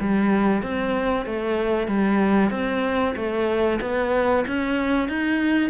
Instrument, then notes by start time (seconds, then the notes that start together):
cello
0.00 G3
0.62 C4
1.26 A3
1.87 G3
2.51 C4
3.16 A3
3.81 B3
4.47 C#4
5.09 D#4